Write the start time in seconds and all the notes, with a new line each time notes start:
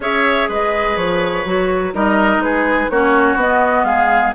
0.00 C#4 G#4 C#5 E5
0.48 G#3 B4 D#5
0.96 F3 C#5
1.44 F#3 F#4
1.93 G3 D#4 A#4 D#5
2.38 G#3 G#4 B4
2.89 A#3 C#4 F#4 C#5
3.35 B3 D#5
3.83 G#3 G#4 F5